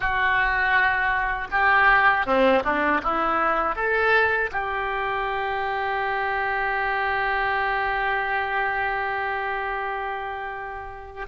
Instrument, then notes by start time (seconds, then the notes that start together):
oboe
0.00 F#4
1.51 G4
2.25 C4
2.64 D4
3.03 E4
3.75 A4
4.51 G4